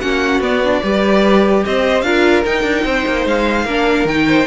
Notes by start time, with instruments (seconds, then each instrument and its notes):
0.00 cello A#3, viola C#4, violin F#4 F#5
0.40 cello B3, viola B3, violin D5
0.64 viola D4
0.82 cello G3, viola G4, violin B4
1.64 cello C4, violin C5 D#5
2.01 cello D4, viola F4, violin A#4 F5
2.45 viola D#4, cello D#4, violin G5
2.62 cello D4
2.84 cello C4, violin C5
3.07 cello A#3
3.25 cello G#3, violin F5
3.64 cello A#3, viola D4, violin A#4
4.04 cello D#3, viola D#4, violin G5
4.27 violin C5